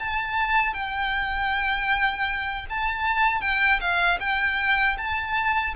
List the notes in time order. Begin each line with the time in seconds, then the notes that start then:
0.00 A5
0.74 G5
2.70 A5
3.42 G5
3.81 F5
4.20 G5
4.98 A5